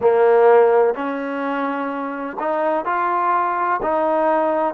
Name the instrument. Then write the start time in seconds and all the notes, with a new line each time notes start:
trombone
0.00 A#3
0.94 C#4
2.39 D#4
2.85 F4
3.82 D#4